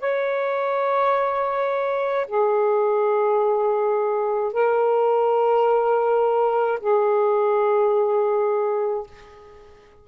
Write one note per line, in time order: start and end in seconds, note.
0.00 2.26 C#5
2.27 4.53 G#4
4.53 6.80 A#4
6.80 9.07 G#4